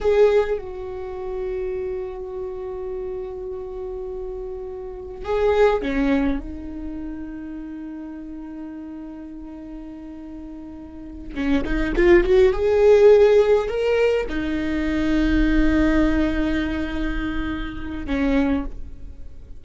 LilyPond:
\new Staff \with { instrumentName = "viola" } { \time 4/4 \tempo 4 = 103 gis'4 fis'2.~ | fis'1~ | fis'4 gis'4 cis'4 dis'4~ | dis'1~ |
dis'2.~ dis'8 cis'8 | dis'8 f'8 fis'8 gis'2 ais'8~ | ais'8 dis'2.~ dis'8~ | dis'2. cis'4 | }